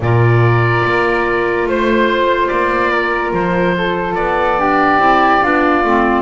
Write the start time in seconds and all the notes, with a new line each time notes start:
0.00 A#2 F4 A#4 D5
0.84 A#3
1.65 A3 C5
2.47 A#3 D5
2.91 A#4
3.32 F3 C5
3.77 A4
4.14 B3 D5
4.59 D4 G4
4.98 C4 E4
5.41 B3 D4 F4
5.83 A3 C4